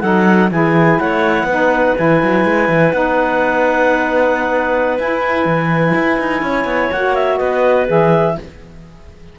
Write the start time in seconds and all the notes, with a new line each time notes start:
0.00 F#3 D#4 A4 F#5
0.51 E3 E4 G#4 G#5
0.99 A3 C#5 F#5
1.43 B3 B4
1.50 D#4
1.97 E3 E4 G#5
2.23 F#3
2.45 G#3
2.68 E3
2.92 B3 D#4 F#5
4.98 E4 G#5
5.45 E3
5.95 E4
6.19 D#4
6.42 C#4 C#5
6.64 B3
6.92 A#3 F#4 F#5
7.15 E5
7.37 B3 B4 D#5
7.87 E3 G#4 E5